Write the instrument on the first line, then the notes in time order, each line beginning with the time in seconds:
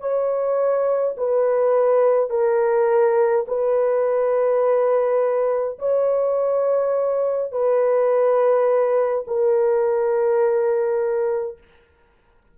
horn
0.00 C#5
1.17 B4
2.30 A#4
3.47 B4
5.78 C#5
7.52 B4
9.27 A#4